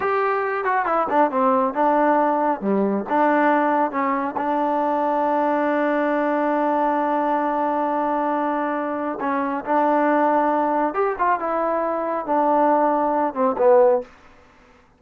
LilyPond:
\new Staff \with { instrumentName = "trombone" } { \time 4/4 \tempo 4 = 137 g'4. fis'8 e'8 d'8 c'4 | d'2 g4 d'4~ | d'4 cis'4 d'2~ | d'1~ |
d'1~ | d'4 cis'4 d'2~ | d'4 g'8 f'8 e'2 | d'2~ d'8 c'8 b4 | }